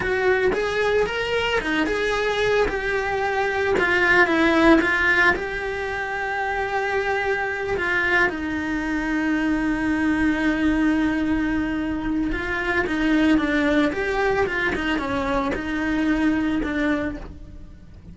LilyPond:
\new Staff \with { instrumentName = "cello" } { \time 4/4 \tempo 4 = 112 fis'4 gis'4 ais'4 dis'8 gis'8~ | gis'4 g'2 f'4 | e'4 f'4 g'2~ | g'2~ g'8 f'4 dis'8~ |
dis'1~ | dis'2. f'4 | dis'4 d'4 g'4 f'8 dis'8 | cis'4 dis'2 d'4 | }